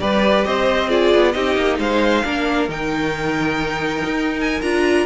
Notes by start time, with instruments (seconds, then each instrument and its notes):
0.00 cello G3, viola G4, violin B4 D5
0.45 cello C4, violin C5 D#5
0.88 viola F4, violin G#4 D5
1.14 cello B3
1.32 cello C4, viola D#4, violin G4 D#5
1.56 cello A#3
1.78 cello G#3, violin C5 F5
2.24 cello A#3, viola D4, violin A#4
2.68 cello D#3, viola D#4, violin G5
4.05 cello D#4
4.40 violin G#5
4.61 cello D4, viola F4, violin A#5